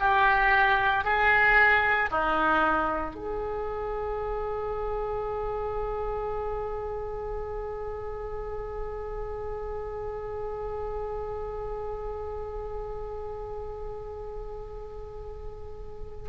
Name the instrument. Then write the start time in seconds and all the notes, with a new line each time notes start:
oboe
0.00 G4
1.04 G#4
2.11 D#4
3.15 G#4